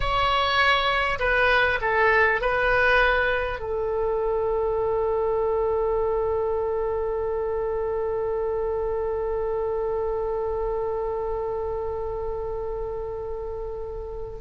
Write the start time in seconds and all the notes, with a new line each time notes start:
0.00 C#5
1.19 B4
1.81 A4
2.41 B4
3.59 A4